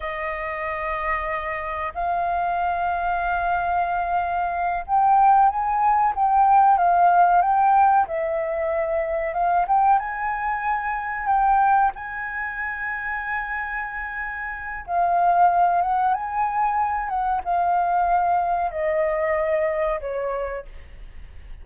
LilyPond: \new Staff \with { instrumentName = "flute" } { \time 4/4 \tempo 4 = 93 dis''2. f''4~ | f''2.~ f''8 g''8~ | g''8 gis''4 g''4 f''4 g''8~ | g''8 e''2 f''8 g''8 gis''8~ |
gis''4. g''4 gis''4.~ | gis''2. f''4~ | f''8 fis''8 gis''4. fis''8 f''4~ | f''4 dis''2 cis''4 | }